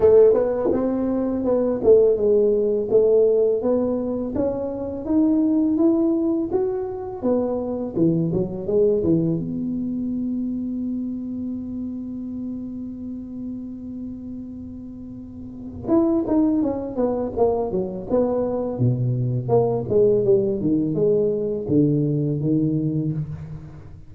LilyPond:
\new Staff \with { instrumentName = "tuba" } { \time 4/4 \tempo 4 = 83 a8 b8 c'4 b8 a8 gis4 | a4 b4 cis'4 dis'4 | e'4 fis'4 b4 e8 fis8 | gis8 e8 b2.~ |
b1~ | b2 e'8 dis'8 cis'8 b8 | ais8 fis8 b4 b,4 ais8 gis8 | g8 dis8 gis4 d4 dis4 | }